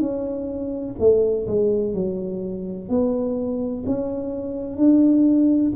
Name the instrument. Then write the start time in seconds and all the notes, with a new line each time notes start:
tuba
0.00 C#4
0.99 A3
1.47 G#3
1.94 F#3
2.89 B3
3.86 C#4
4.77 D4